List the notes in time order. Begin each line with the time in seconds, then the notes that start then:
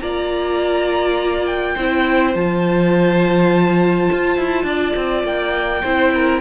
0.00 A#3 F4 D5 A#5
1.46 G5
1.75 C4 E4 C5
2.34 F3 F4 A5
4.12 F4
4.38 E4
4.64 D4 D5
4.97 C4
5.24 A#3 G5
5.82 C4 E4 C5
6.14 A#4